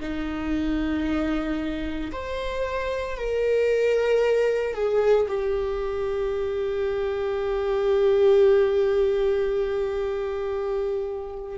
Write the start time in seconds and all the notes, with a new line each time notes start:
0.00 D#4
2.11 C5
3.17 A#4
4.74 G#4
5.27 G4